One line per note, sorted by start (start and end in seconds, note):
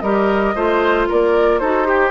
0.00 0.55 G3
0.00 0.56 G4
0.00 0.56 A#4
0.00 1.06 D#5
0.56 1.09 A3
0.56 1.62 F4
0.56 1.09 C5
1.09 1.61 A#3
1.09 1.61 A#4
1.09 1.59 D5
1.59 2.11 D#4
1.59 1.85 F#4
1.59 1.88 A4
1.59 2.11 C5
1.85 2.11 G4